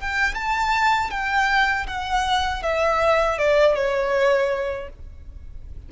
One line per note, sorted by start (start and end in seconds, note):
0.00 0.35 G5
0.35 1.10 A5
1.10 1.86 G5
1.87 2.62 F#5
2.62 3.38 E5
3.38 3.75 D5
3.75 4.89 C#5